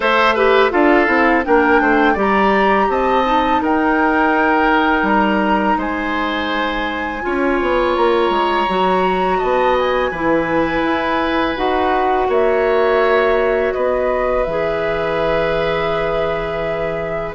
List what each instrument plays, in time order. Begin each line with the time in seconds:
0.00 bassoon A3, clarinet A4, oboe C5, flute E5
0.34 clarinet G4, oboe B4
0.70 bassoon D4, clarinet F4, oboe A4, flute F5
1.06 bassoon C4, clarinet E4
1.44 bassoon A#3, clarinet D4, oboe A#4, flute G5
1.80 bassoon A3, oboe C5
2.13 bassoon G3, clarinet G4, oboe D5
2.19 flute A#5
2.88 bassoon C4, oboe D#5, flute A5
3.25 clarinet D#4
3.61 bassoon D#4, oboe A#4, flute G5
5.02 bassoon G3, flute A#5
5.77 bassoon G#3, oboe C5, flute G#5
7.22 bassoon C#4, clarinet F4, oboe C#5
7.60 bassoon B3
7.96 bassoon A#3, flute A#5
8.29 bassoon G#3
8.68 bassoon F#3, clarinet F#4
9.37 bassoon B3, oboe D#5, flute A5
9.78 flute G#5
10.10 bassoon E3, clarinet E4, oboe B4
10.83 bassoon E4
11.56 bassoon D#4, clarinet F#4, flute F#5
12.28 bassoon A#3, oboe C#5, flute E5
13.73 bassoon B3, oboe B4, flute D#5
14.43 bassoon E3, clarinet G#4, flute E5